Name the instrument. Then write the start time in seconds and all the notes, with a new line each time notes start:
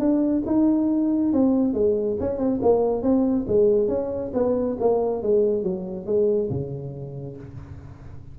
tuba
0.00 D4
0.46 D#4
1.33 C4
1.74 G#3
2.20 C#4
2.38 C4
2.62 A#3
3.03 C4
3.48 G#3
3.89 C#4
4.34 B3
4.81 A#3
5.23 G#3
5.64 F#3
6.06 G#3
6.50 C#3